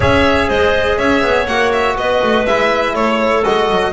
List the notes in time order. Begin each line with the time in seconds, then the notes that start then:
0.00 C#4 G#4 C#5 E5
0.48 G#3 C5 D#5
0.97 C#4 C#5 E5
1.21 B3
1.46 A#3 F#4 F#5
1.72 E5
1.96 B3 B4 D#5
2.23 A3
2.46 G#3 E4 E5
2.94 A3 A4 C#5
3.43 G#3 F#4 D#5
3.70 F#3